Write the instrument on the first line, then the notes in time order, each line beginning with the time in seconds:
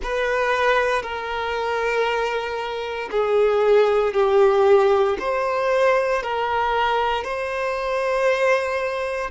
violin
0.02 B4
1.02 A#4
3.11 G#4
4.13 G4
5.19 C5
6.23 A#4
7.24 C5